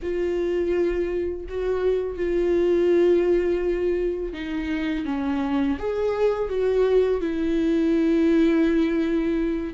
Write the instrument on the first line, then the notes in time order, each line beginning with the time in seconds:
viola
0.02 F4
1.49 F#4
2.17 F4
4.33 D#4
5.05 C#4
5.78 G#4
6.49 F#4
7.20 E4